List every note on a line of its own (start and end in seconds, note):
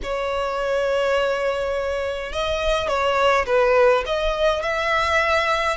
0.02 2.32 C#5
2.32 2.88 D#5
2.88 3.45 C#5
3.46 4.04 B4
4.06 4.62 D#5
4.62 5.76 E5